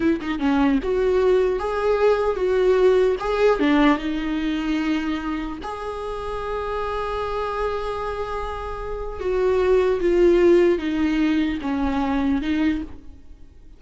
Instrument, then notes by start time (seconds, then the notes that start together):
viola
0.00 E4
0.21 D#4
0.39 C#4
0.82 F#4
1.59 G#4
2.36 F#4
3.19 G#4
3.59 D4
3.98 D#4
5.63 G#4
9.19 F#4
10.00 F4
10.78 D#4
11.61 C#4
12.41 D#4